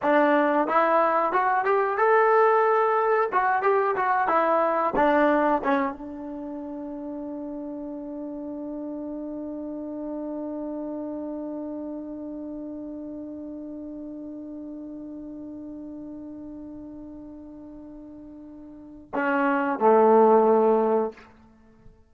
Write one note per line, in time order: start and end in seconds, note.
0.02 0.67 D4
0.67 1.32 E4
1.32 1.64 F#4
1.64 1.97 G4
1.98 3.29 A4
3.32 3.62 F#4
3.62 3.95 G4
3.96 4.27 F#4
4.27 4.93 E4
4.95 5.61 D4
5.64 5.92 C#4
5.92 19.11 D4
19.14 19.79 C#4
19.79 21.11 A3